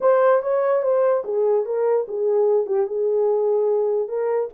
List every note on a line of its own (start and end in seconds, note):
0.00 0.41 C5
0.42 0.82 C#5
0.82 1.23 C5
1.24 1.65 G#4
1.65 2.06 A#4
2.08 2.66 G#4
2.66 2.86 G4
2.86 4.08 G#4
4.08 4.49 A#4